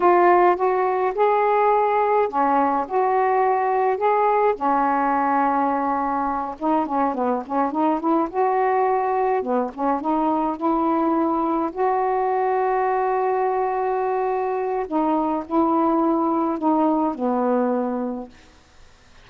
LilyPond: \new Staff \with { instrumentName = "saxophone" } { \time 4/4 \tempo 4 = 105 f'4 fis'4 gis'2 | cis'4 fis'2 gis'4 | cis'2.~ cis'8 dis'8 | cis'8 b8 cis'8 dis'8 e'8 fis'4.~ |
fis'8 b8 cis'8 dis'4 e'4.~ | e'8 fis'2.~ fis'8~ | fis'2 dis'4 e'4~ | e'4 dis'4 b2 | }